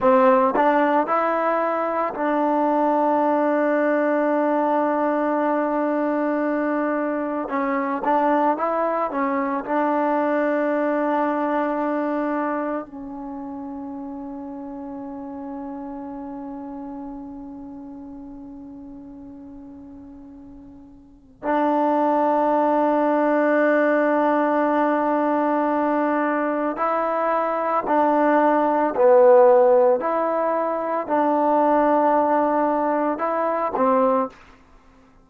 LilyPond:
\new Staff \with { instrumentName = "trombone" } { \time 4/4 \tempo 4 = 56 c'8 d'8 e'4 d'2~ | d'2. cis'8 d'8 | e'8 cis'8 d'2. | cis'1~ |
cis'1 | d'1~ | d'4 e'4 d'4 b4 | e'4 d'2 e'8 c'8 | }